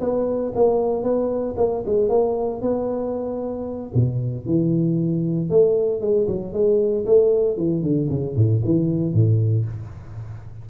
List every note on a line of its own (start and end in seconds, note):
0.00 0.52 B3
0.55 1.03 A#3
1.03 1.55 B3
1.57 1.83 A#3
1.85 2.09 G#3
2.09 2.61 A#3
2.61 3.91 B3
3.94 4.46 B2
4.46 5.49 E3
5.49 6.00 A3
6.00 6.27 G#3
6.27 6.53 F#3
6.53 7.05 G#3
7.06 7.57 A3
7.57 7.82 E3
7.82 8.08 D3
8.09 8.35 C#3
8.36 8.62 A2
8.64 9.13 E3
9.13 9.65 A2